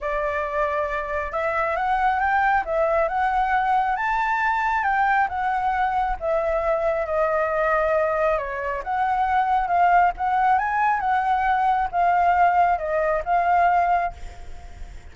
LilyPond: \new Staff \with { instrumentName = "flute" } { \time 4/4 \tempo 4 = 136 d''2. e''4 | fis''4 g''4 e''4 fis''4~ | fis''4 a''2 g''4 | fis''2 e''2 |
dis''2. cis''4 | fis''2 f''4 fis''4 | gis''4 fis''2 f''4~ | f''4 dis''4 f''2 | }